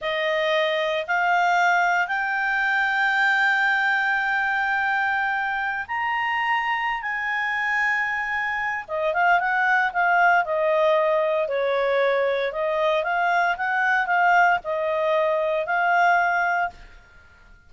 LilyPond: \new Staff \with { instrumentName = "clarinet" } { \time 4/4 \tempo 4 = 115 dis''2 f''2 | g''1~ | g''2.~ g''16 ais''8.~ | ais''4. gis''2~ gis''8~ |
gis''4 dis''8 f''8 fis''4 f''4 | dis''2 cis''2 | dis''4 f''4 fis''4 f''4 | dis''2 f''2 | }